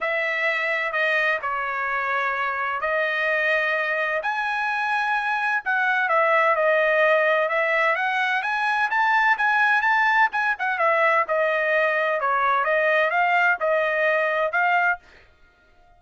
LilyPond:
\new Staff \with { instrumentName = "trumpet" } { \time 4/4 \tempo 4 = 128 e''2 dis''4 cis''4~ | cis''2 dis''2~ | dis''4 gis''2. | fis''4 e''4 dis''2 |
e''4 fis''4 gis''4 a''4 | gis''4 a''4 gis''8 fis''8 e''4 | dis''2 cis''4 dis''4 | f''4 dis''2 f''4 | }